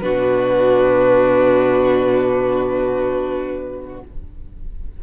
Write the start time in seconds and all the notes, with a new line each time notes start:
0.00 B2 D4 F#4 B4